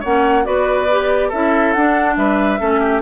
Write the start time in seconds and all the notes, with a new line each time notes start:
0.00 A#3 C#4 C#5 F#5
0.44 B3 F#4 B4 D5
0.91 G4
1.29 C#4 E4 A4 E5
1.73 D4 F#5
2.16 G3 B4 E5
2.59 A3 C#4 A4
2.80 G4